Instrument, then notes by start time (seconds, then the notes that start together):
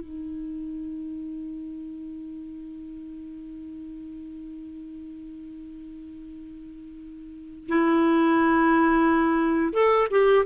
clarinet
0.00 D#4
7.68 E4
9.73 A4
10.10 G4